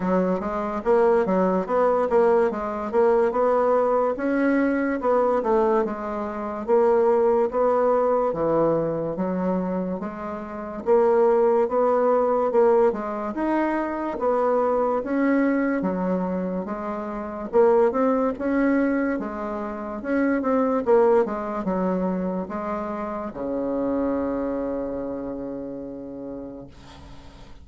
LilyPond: \new Staff \with { instrumentName = "bassoon" } { \time 4/4 \tempo 4 = 72 fis8 gis8 ais8 fis8 b8 ais8 gis8 ais8 | b4 cis'4 b8 a8 gis4 | ais4 b4 e4 fis4 | gis4 ais4 b4 ais8 gis8 |
dis'4 b4 cis'4 fis4 | gis4 ais8 c'8 cis'4 gis4 | cis'8 c'8 ais8 gis8 fis4 gis4 | cis1 | }